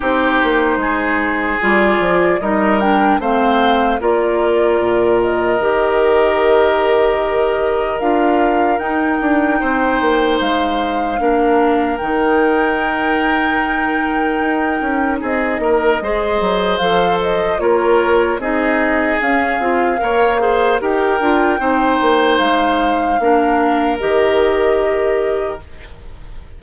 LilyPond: <<
  \new Staff \with { instrumentName = "flute" } { \time 4/4 \tempo 4 = 75 c''2 d''4 dis''8 g''8 | f''4 d''4. dis''4.~ | dis''2 f''4 g''4~ | g''4 f''2 g''4~ |
g''2. dis''4~ | dis''4 f''8 dis''8 cis''4 dis''4 | f''2 g''2 | f''2 dis''2 | }
  \new Staff \with { instrumentName = "oboe" } { \time 4/4 g'4 gis'2 ais'4 | c''4 ais'2.~ | ais'1 | c''2 ais'2~ |
ais'2. gis'8 ais'8 | c''2 ais'4 gis'4~ | gis'4 cis''8 c''8 ais'4 c''4~ | c''4 ais'2. | }
  \new Staff \with { instrumentName = "clarinet" } { \time 4/4 dis'2 f'4 dis'8 d'8 | c'4 f'2 g'4~ | g'2 f'4 dis'4~ | dis'2 d'4 dis'4~ |
dis'1 | gis'4 a'4 f'4 dis'4 | cis'8 f'8 ais'8 gis'8 g'8 f'8 dis'4~ | dis'4 d'4 g'2 | }
  \new Staff \with { instrumentName = "bassoon" } { \time 4/4 c'8 ais8 gis4 g8 f8 g4 | a4 ais4 ais,4 dis4~ | dis2 d'4 dis'8 d'8 | c'8 ais8 gis4 ais4 dis4~ |
dis2 dis'8 cis'8 c'8 ais8 | gis8 fis8 f4 ais4 c'4 | cis'8 c'8 ais4 dis'8 d'8 c'8 ais8 | gis4 ais4 dis2 | }
>>